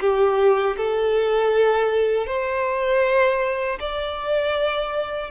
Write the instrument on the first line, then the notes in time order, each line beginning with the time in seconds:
violin
0.00 G4
0.77 A4
2.26 C5
3.80 D5